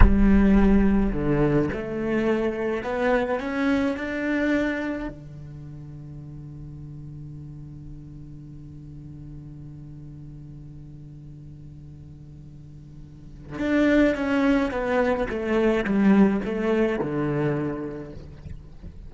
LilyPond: \new Staff \with { instrumentName = "cello" } { \time 4/4 \tempo 4 = 106 g2 d4 a4~ | a4 b4 cis'4 d'4~ | d'4 d2.~ | d1~ |
d1~ | d1 | d'4 cis'4 b4 a4 | g4 a4 d2 | }